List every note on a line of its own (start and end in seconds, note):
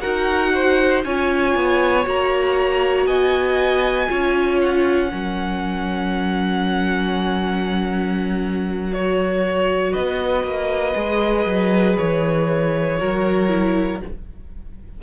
0.00 1.04 D#4
0.00 1.03 F#4
0.00 0.52 A#4
0.00 1.02 F#5
0.53 1.04 C5
1.04 1.55 C#4
1.04 2.04 F4
1.04 3.06 C#5
1.04 2.05 G#5
1.55 2.06 B3
2.04 3.06 A#3
2.04 4.07 F#4
2.04 3.06 A#5
3.06 4.08 B3
3.06 4.08 D#5
3.06 4.59 G#5
4.08 5.12 C#4
4.08 5.09 F4
4.08 5.10 C#5
4.61 8.93 F#5
5.09 9.95 F#3
5.09 8.90 C#4
5.09 9.92 A#4
8.92 10.94 F#4
8.92 9.93 C#5
9.92 10.43 B3
9.92 12.97 B4
9.92 11.96 D#5
10.43 10.94 A#3
10.94 11.46 G#3
10.94 12.97 G#4
11.46 11.97 F#3
11.97 13.00 E3
11.97 14.00 C#5
12.97 14.02 F#3
12.97 13.48 F#4
12.97 14.01 A#4
13.48 13.99 E4